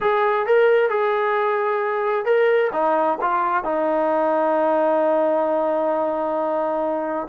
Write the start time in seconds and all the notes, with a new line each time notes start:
0.00 G#4
0.46 A#4
0.89 G#4
2.25 A#4
2.73 D#4
3.21 F4
3.64 D#4